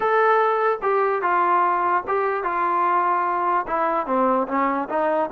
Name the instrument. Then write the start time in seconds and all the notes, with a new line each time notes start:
trombone
0.00 A4
0.82 G4
1.21 F4
2.07 G4
2.43 F4
3.67 E4
4.06 C4
4.47 C#4
4.89 D#4